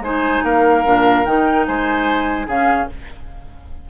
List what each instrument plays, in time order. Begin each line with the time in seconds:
0.00 bassoon G#3, clarinet D#4, oboe C5, flute G#5
0.44 bassoon A#3, oboe A#4, flute F5
0.85 bassoon A#2, clarinet D4
1.26 bassoon D#3, clarinet D#4, flute G5
1.67 bassoon G#3, oboe C5, flute G#5
2.47 bassoon C#3, clarinet C#4, oboe G#4, flute F5